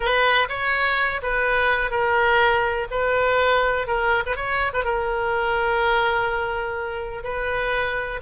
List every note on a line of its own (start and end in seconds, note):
0.00 0.48 B4
0.48 1.21 C#5
1.22 1.90 B4
1.90 2.87 A#4
2.91 3.87 B4
3.87 4.23 A#4
4.25 4.36 B4
4.36 4.72 C#5
4.73 4.84 B4
4.84 7.23 A#4
7.23 8.20 B4